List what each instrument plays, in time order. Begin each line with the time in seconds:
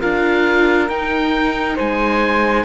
0.00 cello D4, viola F4, flute A#4, oboe F5
0.89 cello D#4, viola D#4, oboe G5
1.76 cello G#3, flute C5, oboe G#5